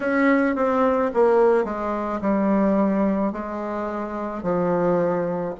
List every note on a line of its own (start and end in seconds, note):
0.00 0.55 C#4
0.55 1.11 C4
1.14 1.64 A#3
1.64 2.20 G#3
2.21 3.32 G3
3.32 4.42 G#3
4.42 5.54 F3